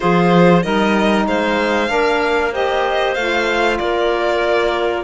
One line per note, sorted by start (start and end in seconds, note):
0.00 0.65 F3
0.00 0.62 F4
0.00 0.63 G#4
0.00 0.62 C5
0.62 1.26 G3
0.62 1.87 D#4
0.62 1.26 A#4
0.62 1.26 D#5
1.26 1.89 G#3
1.26 1.90 C5
1.26 2.54 F5
1.87 3.16 A#3
1.87 2.50 D4
1.87 2.52 A#4
2.52 3.15 G4
2.52 3.78 C5
2.52 3.14 D#5
3.14 3.79 A3
3.14 5.03 F4
3.14 3.77 F5
3.77 5.03 A#3
3.77 5.03 A#4
3.77 5.03 D5